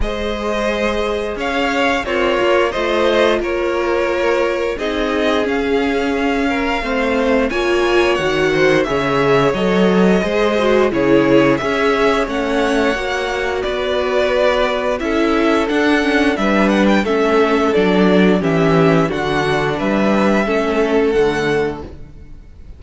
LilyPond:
<<
  \new Staff \with { instrumentName = "violin" } { \time 4/4 \tempo 4 = 88 dis''2 f''4 cis''4 | dis''4 cis''2 dis''4 | f''2. gis''4 | fis''4 e''4 dis''2 |
cis''4 e''4 fis''2 | d''2 e''4 fis''4 | e''8 fis''16 g''16 e''4 d''4 e''4 | fis''4 e''2 fis''4 | }
  \new Staff \with { instrumentName = "violin" } { \time 4/4 c''2 cis''4 f'4 | c''4 ais'2 gis'4~ | gis'4. ais'8 c''4 cis''4~ | cis''8 c''8 cis''2 c''4 |
gis'4 cis''2. | b'2 a'2 | b'4 a'2 g'4 | fis'4 b'4 a'2 | }
  \new Staff \with { instrumentName = "viola" } { \time 4/4 gis'2. ais'4 | f'2. dis'4 | cis'2 c'4 f'4 | fis'4 gis'4 a'4 gis'8 fis'8 |
e'4 gis'4 cis'4 fis'4~ | fis'2 e'4 d'8 cis'8 | d'4 cis'4 d'4 cis'4 | d'2 cis'4 a4 | }
  \new Staff \with { instrumentName = "cello" } { \time 4/4 gis2 cis'4 c'8 ais8 | a4 ais2 c'4 | cis'2 a4 ais4 | dis4 cis4 fis4 gis4 |
cis4 cis'4 a4 ais4 | b2 cis'4 d'4 | g4 a4 fis4 e4 | d4 g4 a4 d4 | }
>>